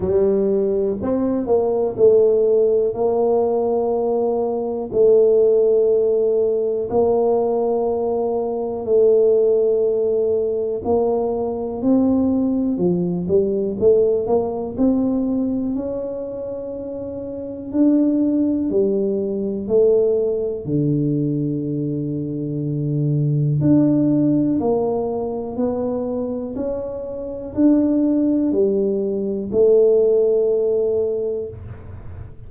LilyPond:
\new Staff \with { instrumentName = "tuba" } { \time 4/4 \tempo 4 = 61 g4 c'8 ais8 a4 ais4~ | ais4 a2 ais4~ | ais4 a2 ais4 | c'4 f8 g8 a8 ais8 c'4 |
cis'2 d'4 g4 | a4 d2. | d'4 ais4 b4 cis'4 | d'4 g4 a2 | }